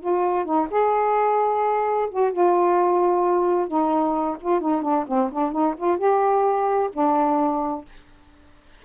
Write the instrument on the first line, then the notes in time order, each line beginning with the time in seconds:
saxophone
0.00 F4
0.44 D#4
0.70 G#4
2.10 F#4
2.32 F4
3.67 D#4
4.40 F4
4.60 D#4
4.81 D4
5.07 C4
5.32 D4
5.51 D#4
5.77 F4
5.97 G4
6.93 D4